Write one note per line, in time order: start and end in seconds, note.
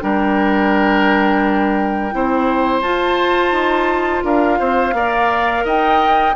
0.00 2.14 G3
0.00 2.11 D4
0.00 2.15 A#4
0.00 2.81 G5
2.11 2.82 C4
2.11 2.82 E4
2.11 4.25 C5
2.81 3.51 F4
2.81 4.94 F4
2.81 4.23 A5
3.51 4.22 D#4
4.24 4.59 D4
4.24 4.59 A#4
4.24 5.67 F5
4.59 4.93 C4
4.59 4.94 C5
4.93 5.64 A#3
4.93 6.35 A#4
4.93 5.65 D5
5.65 6.36 D#4
5.65 6.35 D#5
5.65 6.36 G5